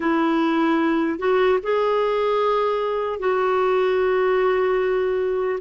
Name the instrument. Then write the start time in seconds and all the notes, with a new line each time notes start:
clarinet
0.00 E4
1.18 F#4
1.62 G#4
3.19 F#4